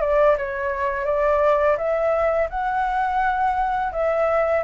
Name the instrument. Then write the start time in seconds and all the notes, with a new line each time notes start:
flute
0.00 D5
0.37 C#5
1.05 D5
1.77 E5
2.49 F#5
3.92 E5